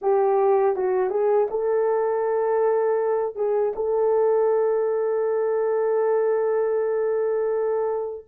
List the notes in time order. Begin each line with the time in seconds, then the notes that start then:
0.01 G4
0.76 F#4
1.09 G#4
1.50 A4
3.35 G#4
3.75 A4